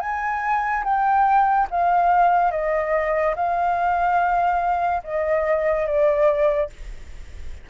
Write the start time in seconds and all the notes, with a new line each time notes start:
0.00 G#5
0.84 G5
1.70 F5
2.51 D#5
3.36 F5
5.03 D#5
5.86 D5